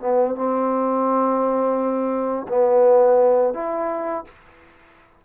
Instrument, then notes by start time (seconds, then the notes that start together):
trombone
0.00 B3
0.35 C4
2.48 B3
3.54 E4